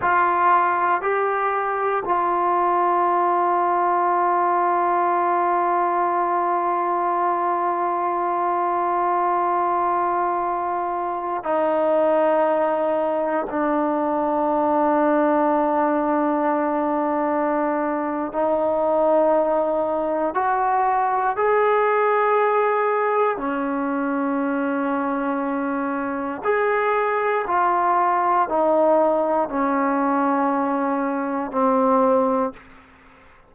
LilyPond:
\new Staff \with { instrumentName = "trombone" } { \time 4/4 \tempo 4 = 59 f'4 g'4 f'2~ | f'1~ | f'2.~ f'16 dis'8.~ | dis'4~ dis'16 d'2~ d'8.~ |
d'2 dis'2 | fis'4 gis'2 cis'4~ | cis'2 gis'4 f'4 | dis'4 cis'2 c'4 | }